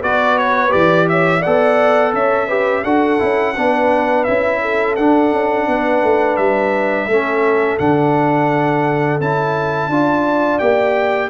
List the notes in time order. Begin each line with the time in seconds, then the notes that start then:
0.00 B3 F#4 B4 D5
0.38 C#5
0.69 E3 G4 D5
1.09 C#5 E5
1.40 A4 D5 F#5
1.46 B3
2.13 C#4 C#5 E5
2.47 G4 B4
2.83 D4 F#4 A4 F#5
3.18 C#4 E4
3.56 B3 D4 B4
4.24 C#4 E4 E5
4.61 A4
4.95 D4 F#5
5.32 C#4
5.67 B3 B4
6.02 A3
6.36 G3 E5
7.07 A3 C#4 A4
7.78 D3 D4 F#5
9.19 C#4 E4 A5
9.88 D4 F4 D5
10.58 A#3 G4 G5